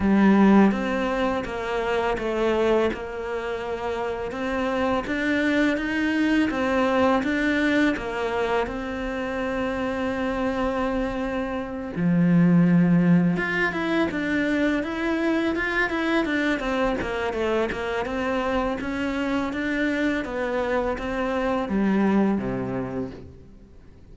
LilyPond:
\new Staff \with { instrumentName = "cello" } { \time 4/4 \tempo 4 = 83 g4 c'4 ais4 a4 | ais2 c'4 d'4 | dis'4 c'4 d'4 ais4 | c'1~ |
c'8 f2 f'8 e'8 d'8~ | d'8 e'4 f'8 e'8 d'8 c'8 ais8 | a8 ais8 c'4 cis'4 d'4 | b4 c'4 g4 c4 | }